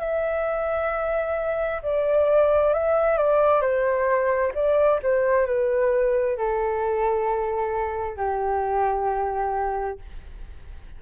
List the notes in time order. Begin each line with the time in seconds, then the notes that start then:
0.00 E5
1.83 D5
2.74 E5
3.18 D5
3.62 C5
4.55 D5
5.03 C5
5.47 B4
6.38 A4
8.17 G4